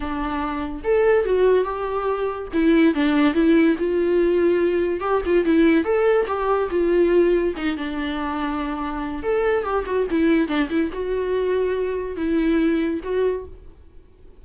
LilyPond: \new Staff \with { instrumentName = "viola" } { \time 4/4 \tempo 4 = 143 d'2 a'4 fis'4 | g'2 e'4 d'4 | e'4 f'2. | g'8 f'8 e'4 a'4 g'4 |
f'2 dis'8 d'4.~ | d'2 a'4 g'8 fis'8 | e'4 d'8 e'8 fis'2~ | fis'4 e'2 fis'4 | }